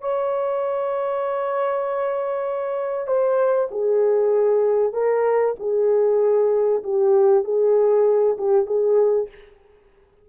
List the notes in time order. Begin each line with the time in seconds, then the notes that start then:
0.00 C#5
3.06 C5
3.71 G#4
4.93 A#4
5.59 G#4
6.83 G4
7.44 G#4
8.38 G4
8.66 G#4